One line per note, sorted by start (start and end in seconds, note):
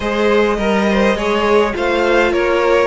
0.00 0.57 G#3
0.00 0.59 G#4
0.00 0.57 C5
0.00 1.74 D#5
0.57 1.15 G3
0.57 0.86 A#4
0.57 1.17 A#4
0.90 1.16 C5
1.15 1.73 G#3
1.15 1.73 G#4
1.15 1.75 C#5
1.73 2.32 A3
1.73 2.87 F4
1.73 2.31 C5
1.73 2.32 F5
2.31 2.87 A#3
2.31 2.87 A#4
2.31 2.87 C#5